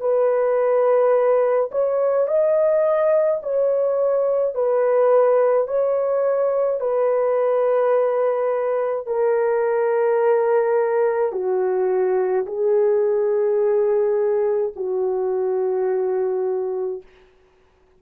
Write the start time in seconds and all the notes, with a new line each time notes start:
0.00 B4
1.71 C#5
2.27 D#5
3.42 C#5
4.54 B4
5.67 C#5
6.80 B4
9.06 A#4
11.32 F#4
12.46 G#4
14.76 F#4